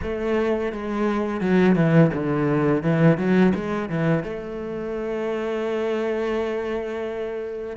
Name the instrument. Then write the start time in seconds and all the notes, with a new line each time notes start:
cello
0.02 A3
0.72 G#3
1.41 F#3
1.75 E3
2.13 D3
2.82 E3
3.17 F#3
3.55 G#3
3.89 E3
4.23 A3